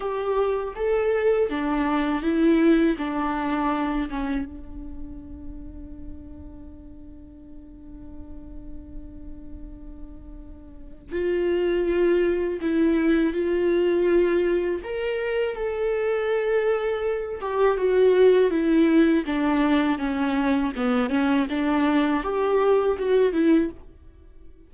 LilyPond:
\new Staff \with { instrumentName = "viola" } { \time 4/4 \tempo 4 = 81 g'4 a'4 d'4 e'4 | d'4. cis'8 d'2~ | d'1~ | d'2. f'4~ |
f'4 e'4 f'2 | ais'4 a'2~ a'8 g'8 | fis'4 e'4 d'4 cis'4 | b8 cis'8 d'4 g'4 fis'8 e'8 | }